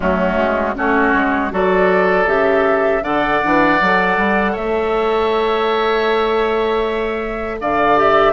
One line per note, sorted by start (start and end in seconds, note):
0.00 0.37 F#3
0.00 0.75 A3
0.00 0.74 C#4
0.00 0.76 F#4
0.37 0.75 G#3
0.75 1.13 A3
0.75 1.51 C#4
0.75 1.53 F#4
0.75 1.52 C#5
1.13 1.51 G#3
1.51 2.26 F#3
1.51 2.26 F#4
1.51 3.03 A4
1.51 2.28 D5
2.26 3.02 C#3
2.26 3.02 G4
2.26 3.03 E5
3.02 3.40 D3
3.02 3.42 A4
3.02 4.52 D5
3.02 4.55 F#5
3.42 3.80 E3
3.42 3.79 D4
3.79 4.17 F#3
3.79 7.96 A4
4.17 4.55 G3
4.52 7.60 A3
4.52 7.56 C#5
4.52 7.59 E5
7.60 8.32 D3
7.60 8.32 D5
7.60 7.98 F5
7.96 8.32 G4
7.96 8.32 E5